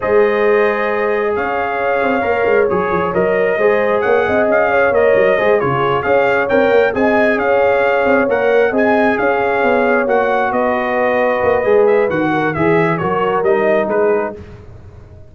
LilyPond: <<
  \new Staff \with { instrumentName = "trumpet" } { \time 4/4 \tempo 4 = 134 dis''2. f''4~ | f''2 cis''4 dis''4~ | dis''4 fis''4 f''4 dis''4~ | dis''8 cis''4 f''4 g''4 gis''8~ |
gis''8 f''2 fis''4 gis''8~ | gis''8 f''2 fis''4 dis''8~ | dis''2~ dis''8 e''8 fis''4 | e''4 cis''4 dis''4 b'4 | }
  \new Staff \with { instrumentName = "horn" } { \time 4/4 c''2. cis''4~ | cis''1 | c''4 cis''8 dis''4 cis''4. | c''8 gis'4 cis''2 dis''8~ |
dis''8 cis''2. dis''8~ | dis''8 cis''2. b'8~ | b'2.~ b'8 ais'8 | gis'4 ais'2 gis'4 | }
  \new Staff \with { instrumentName = "trombone" } { \time 4/4 gis'1~ | gis'4 ais'4 gis'4 ais'4 | gis'2. ais'4 | gis'8 f'4 gis'4 ais'4 gis'8~ |
gis'2~ gis'8 ais'4 gis'8~ | gis'2~ gis'8 fis'4.~ | fis'2 gis'4 fis'4 | gis'4 fis'4 dis'2 | }
  \new Staff \with { instrumentName = "tuba" } { \time 4/4 gis2. cis'4~ | cis'8 c'8 ais8 gis8 fis8 f8 fis4 | gis4 ais8 c'8 cis'4 ais8 fis8 | gis8 cis4 cis'4 c'8 ais8 c'8~ |
c'8 cis'4. c'8 ais4 c'8~ | c'8 cis'4 b4 ais4 b8~ | b4. ais8 gis4 dis4 | e4 fis4 g4 gis4 | }
>>